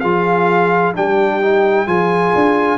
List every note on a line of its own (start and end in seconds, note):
0.00 0.95 F3
0.00 0.94 F4
0.00 0.93 G#4
0.00 0.92 F5
0.94 1.86 G3
0.94 1.41 D4
0.94 1.86 G4
0.94 1.87 G5
1.41 1.86 D#4
1.86 2.32 F3
1.86 2.77 F4
1.86 2.77 G#4
1.86 2.77 G#5
2.35 2.77 D4